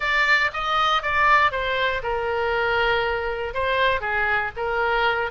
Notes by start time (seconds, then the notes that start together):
0.00 D5
0.53 D#5
1.02 D5
1.51 C5
2.02 A#4
3.54 C5
4.00 G#4
4.56 A#4